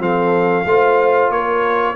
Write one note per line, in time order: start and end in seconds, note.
0.00 0.65 F3
0.00 0.65 C4
0.00 0.67 A4
0.00 1.32 F5
0.65 1.30 A3
0.65 1.96 F4
0.65 1.33 C5
1.30 1.95 A#3
1.30 1.96 A#4
1.30 1.96 C#5